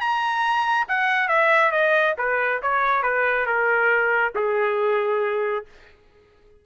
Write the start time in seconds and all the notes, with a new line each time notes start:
0.00 A#5
0.88 F#5
1.28 E5
1.71 D#5
2.18 B4
2.62 C#5
3.03 B4
3.46 A#4
4.35 G#4